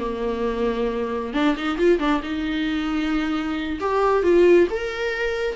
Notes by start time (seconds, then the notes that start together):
0.00 A#3
1.34 D4
1.57 D#4
1.78 F4
2.00 D4
2.23 D#4
3.81 G4
4.24 F4
4.71 A#4